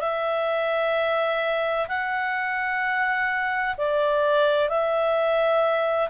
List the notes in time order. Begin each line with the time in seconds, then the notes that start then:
0.00 E5
1.88 F#5
3.78 D5
4.69 E5